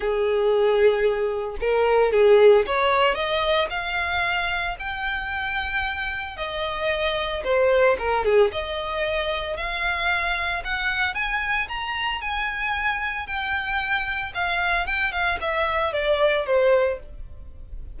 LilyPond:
\new Staff \with { instrumentName = "violin" } { \time 4/4 \tempo 4 = 113 gis'2. ais'4 | gis'4 cis''4 dis''4 f''4~ | f''4 g''2. | dis''2 c''4 ais'8 gis'8 |
dis''2 f''2 | fis''4 gis''4 ais''4 gis''4~ | gis''4 g''2 f''4 | g''8 f''8 e''4 d''4 c''4 | }